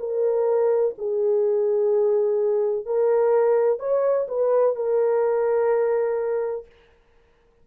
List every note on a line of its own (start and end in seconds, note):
0.00 0.95 A#4
0.98 2.86 G#4
2.86 3.80 A#4
3.80 4.27 C#5
4.28 4.76 B4
4.76 6.66 A#4